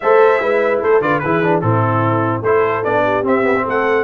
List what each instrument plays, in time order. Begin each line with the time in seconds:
0.00 tuba A3, trombone A4, horn C5, trumpet E5
0.39 tuba G#3, trombone E4, horn B4
0.82 tuba A3, horn A4, trumpet C5
1.01 tuba D3, trombone F4, horn B4, trumpet D5
1.19 tuba E3, trombone E4, horn G#4, trumpet B4
1.43 trombone D4
1.61 tuba A2, trombone C4, horn E4, trumpet A4
2.41 tuba A3, trombone E4, horn A4, trumpet C5
2.83 tuba B3, trombone D4, trumpet D5
3.03 horn G4
3.23 tuba C4, trombone C4, trumpet E5
3.43 trombone B3
3.57 trombone C4
3.63 tuba A3, horn A4, trumpet F#5